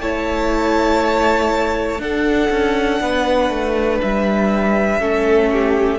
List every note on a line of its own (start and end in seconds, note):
0.00 1.99 A3
0.00 2.01 E4
0.00 2.01 C#5
0.00 2.00 A5
1.99 2.49 D4
1.99 5.00 D4
1.99 3.02 A4
1.99 4.01 F#5
2.50 3.00 C#4
3.00 3.49 B3
3.00 5.00 B4
3.49 3.99 A3
4.01 4.99 G3
4.01 5.99 E5
4.99 5.99 A3
4.99 5.99 C#4
4.99 5.50 A4
5.52 5.99 G4